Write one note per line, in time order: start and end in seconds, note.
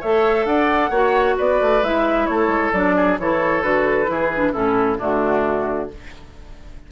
0.00 0.45 A3
0.00 0.93 A4
0.00 0.45 C#5
0.00 0.46 E5
0.45 0.90 D4
0.45 0.91 D5
0.45 1.36 F#5
0.91 1.36 A#3
0.91 1.83 F#4
0.91 1.36 C#5
1.37 1.61 B3
1.37 2.28 B4
1.37 1.84 D5
1.61 1.82 A3
1.82 2.27 G#3
1.82 2.74 E4
1.82 2.26 E5
2.26 2.48 A3
2.26 2.96 A4
2.26 2.71 C#5
2.48 2.70 G#3
2.73 3.18 F#3
2.73 3.19 D4
2.73 3.18 D5
2.96 3.19 G#4
3.19 3.63 E3
3.19 3.62 E4
3.19 4.11 A4
3.19 3.62 C#5
3.62 4.08 D3
3.62 4.06 F#4
3.62 4.53 B4
4.06 4.54 E3
4.06 4.28 E4
4.06 4.52 G#4
4.35 4.53 D4
4.52 5.00 A2
4.52 4.98 C#4
4.52 4.98 E4
4.52 4.98 A4
4.99 5.92 D3
4.99 5.89 A3
4.99 5.89 D4
4.99 5.91 F#4